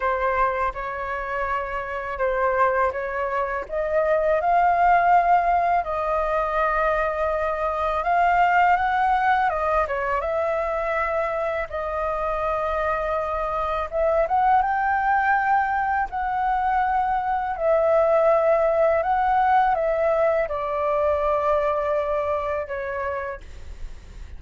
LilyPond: \new Staff \with { instrumentName = "flute" } { \time 4/4 \tempo 4 = 82 c''4 cis''2 c''4 | cis''4 dis''4 f''2 | dis''2. f''4 | fis''4 dis''8 cis''8 e''2 |
dis''2. e''8 fis''8 | g''2 fis''2 | e''2 fis''4 e''4 | d''2. cis''4 | }